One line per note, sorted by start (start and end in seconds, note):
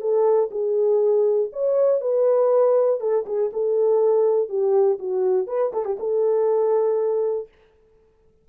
0.00 0.50 A4
0.50 1.50 G#4
1.52 2.01 C#5
2.01 3.00 B4
3.00 3.25 A4
3.26 3.50 G#4
3.53 4.49 A4
4.49 4.98 G4
4.99 5.47 F#4
5.47 5.71 B4
5.72 5.85 A4
5.85 5.97 G4
5.99 7.48 A4